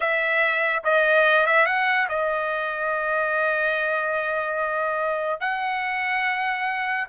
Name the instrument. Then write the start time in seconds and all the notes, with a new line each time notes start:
trumpet
0.00 E5
0.84 D#5
1.46 E5
1.66 F#5
2.09 D#5
5.40 F#5